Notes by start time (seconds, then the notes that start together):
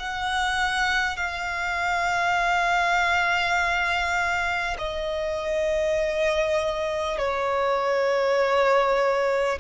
0.00 F#5
1.17 F5
4.78 D#5
7.19 C#5